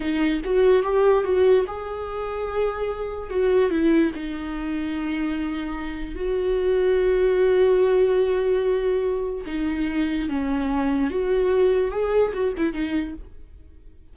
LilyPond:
\new Staff \with { instrumentName = "viola" } { \time 4/4 \tempo 4 = 146 dis'4 fis'4 g'4 fis'4 | gis'1 | fis'4 e'4 dis'2~ | dis'2. fis'4~ |
fis'1~ | fis'2. dis'4~ | dis'4 cis'2 fis'4~ | fis'4 gis'4 fis'8 e'8 dis'4 | }